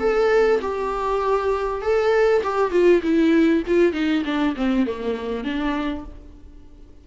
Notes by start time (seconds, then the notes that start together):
0.00 A4
0.62 G4
1.82 A4
2.44 G4
2.72 F4
3.03 E4
3.67 F4
3.93 D#4
4.25 D4
4.57 C4
4.87 A#3
5.45 D4